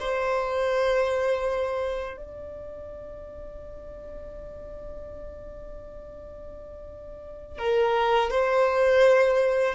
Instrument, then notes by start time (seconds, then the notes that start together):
violin
0.00 C5
2.17 D5
7.58 A#4
8.31 C5